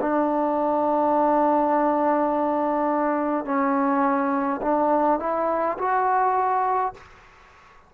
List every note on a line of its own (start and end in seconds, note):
0.00 3.45 D4
3.45 4.60 C#4
4.62 5.19 D4
5.19 5.77 E4
5.78 6.93 F#4